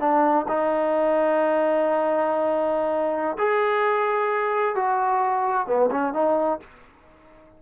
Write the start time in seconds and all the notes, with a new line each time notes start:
0.00 D4
0.48 D#4
3.38 G#4
4.76 F#4
5.67 B3
5.91 C#4
6.14 D#4